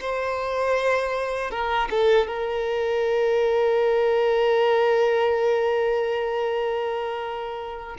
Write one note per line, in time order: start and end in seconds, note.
0.00 1.50 C5
1.50 1.88 A#4
1.90 2.27 A4
2.27 7.97 A#4